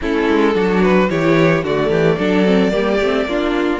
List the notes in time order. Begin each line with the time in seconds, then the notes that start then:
0.01 A3 C#4 E4 A4
0.28 G#3
0.53 F#3 D4 F#4
0.82 B4
1.09 E3 E4 G4 C#5
1.63 D3 A3 F#4 D5
1.89 E3 G4
2.17 F#3 D4 A4
2.45 C4
2.71 G3 A#3 G4
3.00 A3 C4
3.25 A#3 D4 F4